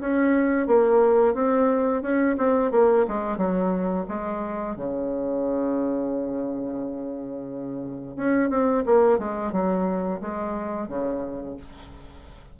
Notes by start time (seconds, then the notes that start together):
0.00 C#4
0.67 A#3
1.34 C4
2.02 C#4
2.38 C4
2.71 A#3
3.08 G#3
3.37 F#3
4.08 G#3
4.76 C#3
8.16 C#4
8.50 C4
8.86 A#3
9.19 G#3
9.52 F#3
10.21 G#3
10.88 C#3